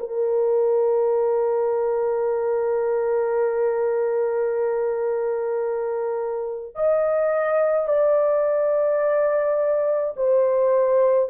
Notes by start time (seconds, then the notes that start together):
0.00 A#4
6.76 D#5
7.88 D5
10.16 C5